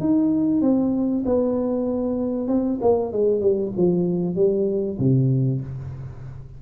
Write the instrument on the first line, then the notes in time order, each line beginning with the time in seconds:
tuba
0.00 D#4
0.62 C4
1.26 B3
2.48 C4
2.82 A#3
3.12 G#3
3.41 G3
3.77 F3
4.36 G3
4.99 C3